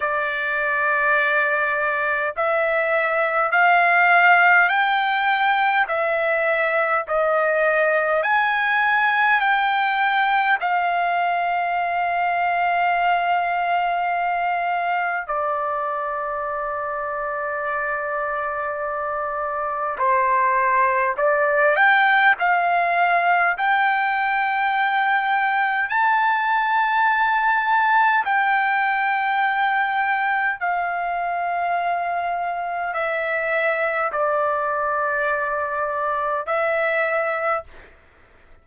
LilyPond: \new Staff \with { instrumentName = "trumpet" } { \time 4/4 \tempo 4 = 51 d''2 e''4 f''4 | g''4 e''4 dis''4 gis''4 | g''4 f''2.~ | f''4 d''2.~ |
d''4 c''4 d''8 g''8 f''4 | g''2 a''2 | g''2 f''2 | e''4 d''2 e''4 | }